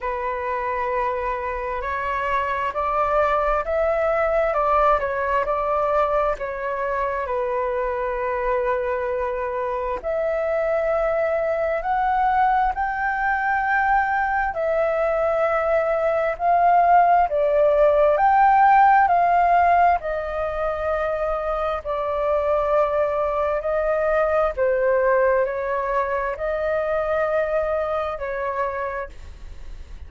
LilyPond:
\new Staff \with { instrumentName = "flute" } { \time 4/4 \tempo 4 = 66 b'2 cis''4 d''4 | e''4 d''8 cis''8 d''4 cis''4 | b'2. e''4~ | e''4 fis''4 g''2 |
e''2 f''4 d''4 | g''4 f''4 dis''2 | d''2 dis''4 c''4 | cis''4 dis''2 cis''4 | }